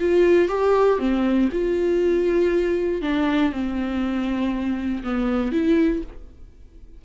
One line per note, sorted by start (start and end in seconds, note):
0.00 0.49 F4
0.49 0.99 G4
0.99 1.49 C4
1.52 3.02 F4
3.02 3.52 D4
3.52 5.03 C4
5.04 5.52 B3
5.52 6.03 E4